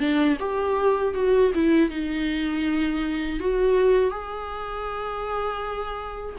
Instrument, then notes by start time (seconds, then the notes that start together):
viola
0.00 D4
0.40 G4
1.15 F#4
1.55 E4
1.90 D#4
3.40 F#4
4.10 G#4